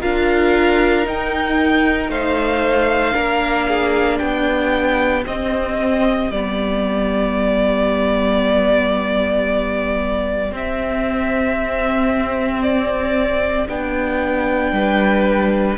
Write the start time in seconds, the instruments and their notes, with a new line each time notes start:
0.00 cello D4, viola F4, violin A#4 F5
1.04 viola D#4, cello D#4, violin G5
2.09 cello A3, violin C5 F5
3.12 cello A#3, viola D4, violin A#4
3.68 violin G#4
4.18 cello B3, violin G4 G5
5.26 viola C4, cello C4, violin D#5
6.30 cello G3, viola B3, violin D5
10.51 cello C4, viola C4, violin E5
12.62 violin D5
13.68 cello B3, viola D4, violin G5
14.71 cello G3, violin B4